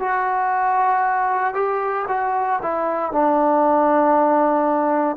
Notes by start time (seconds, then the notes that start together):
0.00 F#4
1.54 G4
2.08 F#4
2.62 E4
3.12 D4